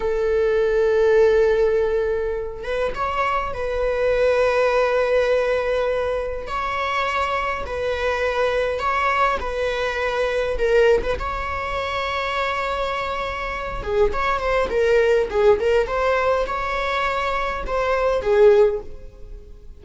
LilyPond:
\new Staff \with { instrumentName = "viola" } { \time 4/4 \tempo 4 = 102 a'1~ | a'8 b'8 cis''4 b'2~ | b'2. cis''4~ | cis''4 b'2 cis''4 |
b'2 ais'8. b'16 cis''4~ | cis''2.~ cis''8 gis'8 | cis''8 c''8 ais'4 gis'8 ais'8 c''4 | cis''2 c''4 gis'4 | }